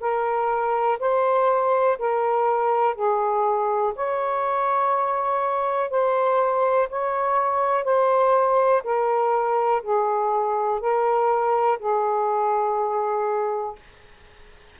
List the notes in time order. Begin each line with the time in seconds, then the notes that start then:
0.00 A#4
0.99 C5
1.98 A#4
2.95 G#4
3.95 C#5
5.90 C5
6.89 C#5
7.84 C5
8.83 A#4
9.82 G#4
10.80 A#4
11.79 G#4